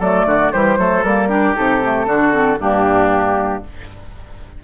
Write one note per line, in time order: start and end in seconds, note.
0.00 0.26 F#3
0.00 0.53 A3
0.00 0.26 A4
0.00 0.52 D5
0.26 0.52 D3
0.26 0.53 F#4
0.52 0.78 E3
0.52 0.79 G3
0.52 0.79 G4
0.52 1.04 C5
0.78 1.04 F#3
0.78 1.04 A3
0.78 1.29 A4
1.04 1.56 G3
1.04 1.29 A#3
1.04 1.56 A#4
1.29 1.55 D4
1.29 2.07 G4
1.55 2.06 C3
1.55 1.81 D#4
1.55 2.60 A4
1.83 2.07 A3
2.06 2.58 D3
2.06 2.32 D4
2.06 2.59 F#4
2.32 2.58 C4
2.60 3.63 G2
2.60 3.64 A#3
2.60 3.64 D4
2.60 3.64 G4